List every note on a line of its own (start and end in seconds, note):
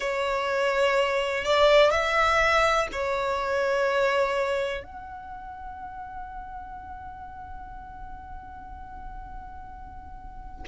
0.00 1.44 C#5
1.44 1.90 D5
1.90 2.87 E5
2.92 4.83 C#5
4.83 10.64 F#5